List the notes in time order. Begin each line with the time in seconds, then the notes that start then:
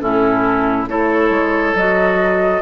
0.00 A2 C#4 E4 A4
0.88 A3 E4 A4 C#5
1.30 G#3
1.74 F#3 F#4 D#5